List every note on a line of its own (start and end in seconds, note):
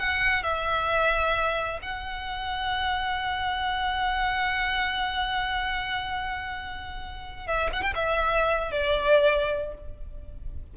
0.00 0.44 F#5
0.44 1.80 E5
1.83 7.48 F#5
7.48 7.70 E5
7.73 7.82 F#5
7.82 7.94 G5
7.96 8.72 E5
8.72 9.74 D5